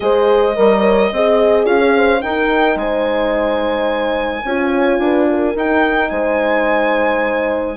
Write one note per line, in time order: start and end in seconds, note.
0.00 0.56 G#3
0.00 0.54 G#4
0.00 0.56 C5
0.00 1.65 D#5
0.56 1.11 G3
0.56 0.80 A#4
0.56 1.13 A#4
0.80 1.08 C#5
1.11 1.65 C4
1.11 2.19 G#4
1.11 1.65 D#5
1.65 2.21 C#4
1.65 1.79 F4
1.65 2.21 F5
1.79 1.92 C#5
1.96 2.23 C5
2.19 4.42 D#4
2.19 2.75 D#4
2.19 2.78 A#4
2.19 2.77 G5
2.75 4.42 G#3
2.75 4.45 C5
2.75 5.56 G#5
4.44 4.98 C#4
4.44 5.56 F4
4.44 5.00 C#5
4.98 5.54 D4
4.98 5.28 B4
5.29 6.10 A#4
5.55 6.10 D#4
5.55 7.76 D#4
5.55 6.10 G5
6.10 7.76 G#3
6.10 7.76 C5
6.10 7.76 G#5